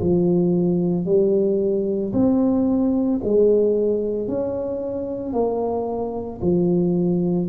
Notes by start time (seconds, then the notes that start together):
0.00 F3
1.06 G3
2.14 C4
3.24 G#3
4.28 C#4
5.33 A#3
6.42 F3